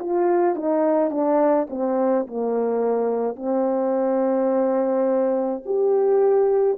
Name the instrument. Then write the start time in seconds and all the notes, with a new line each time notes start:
horn
0.00 F4
0.56 D#4
1.11 D4
1.70 C4
2.27 A#3
3.36 C4
5.66 G4